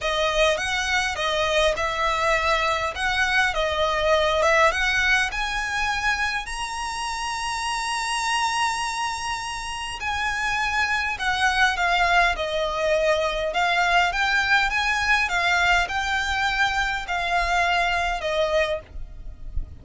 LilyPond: \new Staff \with { instrumentName = "violin" } { \time 4/4 \tempo 4 = 102 dis''4 fis''4 dis''4 e''4~ | e''4 fis''4 dis''4. e''8 | fis''4 gis''2 ais''4~ | ais''1~ |
ais''4 gis''2 fis''4 | f''4 dis''2 f''4 | g''4 gis''4 f''4 g''4~ | g''4 f''2 dis''4 | }